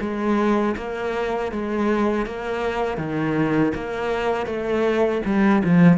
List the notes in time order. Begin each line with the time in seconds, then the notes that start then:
0.00 G#3
0.76 A#3
1.51 G#3
2.26 A#3
2.97 D#3
3.74 A#3
4.46 A3
5.25 G3
5.64 F3